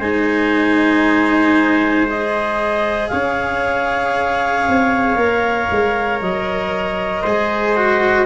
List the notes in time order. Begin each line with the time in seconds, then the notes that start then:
0.00 G#3 D#4 C5 G#5
2.07 G#4 D#5
3.09 C#4 C#5 F5
4.68 C4
5.16 A#3 A#4
5.72 G#3
6.22 F#3 D#5
7.23 G#3 G#4 C5
7.77 F#4